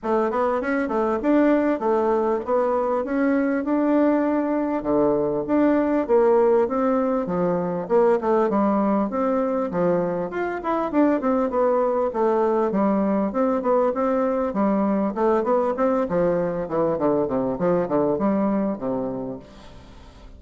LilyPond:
\new Staff \with { instrumentName = "bassoon" } { \time 4/4 \tempo 4 = 99 a8 b8 cis'8 a8 d'4 a4 | b4 cis'4 d'2 | d4 d'4 ais4 c'4 | f4 ais8 a8 g4 c'4 |
f4 f'8 e'8 d'8 c'8 b4 | a4 g4 c'8 b8 c'4 | g4 a8 b8 c'8 f4 e8 | d8 c8 f8 d8 g4 c4 | }